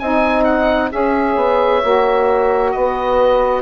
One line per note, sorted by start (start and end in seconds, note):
0.00 0.92 C4
0.00 0.91 D#4
0.00 0.93 D#5
0.00 0.45 G#5
0.45 0.90 F#5
0.91 1.37 C#4
0.91 1.82 G#4
0.91 2.77 C#5
0.91 2.72 E5
1.37 1.82 B3
1.83 2.75 A#3
1.83 3.62 F#4
2.72 3.62 B3
2.72 3.62 B4
2.72 3.62 D#5